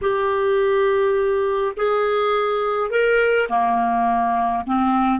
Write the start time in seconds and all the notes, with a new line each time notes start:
0.01 G4
1.76 G#4
2.90 A#4
3.49 A#3
4.66 C4